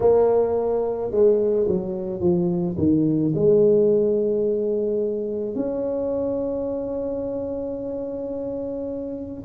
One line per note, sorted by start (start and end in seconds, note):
0.00 1.11 A#3
1.11 1.67 G#3
1.67 2.20 F#3
2.20 2.75 F3
2.77 3.33 D#3
3.34 5.55 G#3
5.55 9.44 C#4